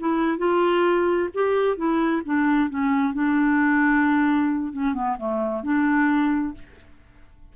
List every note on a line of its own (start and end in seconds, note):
0.00 0.39 E4
0.39 1.30 F4
1.34 1.77 G4
1.77 2.23 E4
2.26 2.70 D4
2.70 3.14 C#4
3.14 4.73 D4
4.73 4.94 C#4
4.94 5.17 B3
5.19 5.63 A3
5.63 6.54 D4